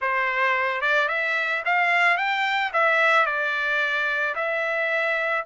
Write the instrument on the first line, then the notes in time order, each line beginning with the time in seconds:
trumpet
0.01 C5
0.81 D5
1.08 E5
1.65 F5
2.17 G5
2.73 E5
3.26 D5
4.35 E5